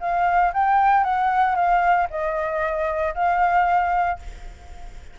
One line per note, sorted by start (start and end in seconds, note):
0.00 0.52 F5
0.53 1.03 G5
1.03 1.55 F#5
1.55 2.07 F5
2.10 3.14 D#5
3.14 4.19 F5